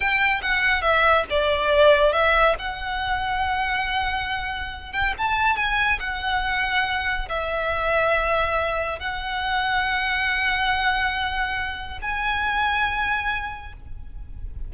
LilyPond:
\new Staff \with { instrumentName = "violin" } { \time 4/4 \tempo 4 = 140 g''4 fis''4 e''4 d''4~ | d''4 e''4 fis''2~ | fis''2.~ fis''8 g''8 | a''4 gis''4 fis''2~ |
fis''4 e''2.~ | e''4 fis''2.~ | fis''1 | gis''1 | }